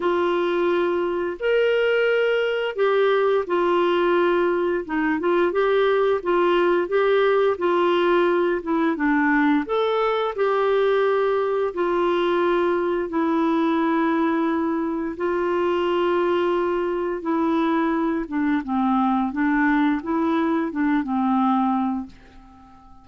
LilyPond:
\new Staff \with { instrumentName = "clarinet" } { \time 4/4 \tempo 4 = 87 f'2 ais'2 | g'4 f'2 dis'8 f'8 | g'4 f'4 g'4 f'4~ | f'8 e'8 d'4 a'4 g'4~ |
g'4 f'2 e'4~ | e'2 f'2~ | f'4 e'4. d'8 c'4 | d'4 e'4 d'8 c'4. | }